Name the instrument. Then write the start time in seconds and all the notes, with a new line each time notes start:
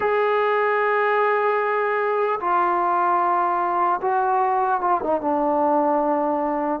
trombone
0.00 G#4
2.40 F4
4.01 F#4
4.80 F4
5.03 D#4
5.21 D4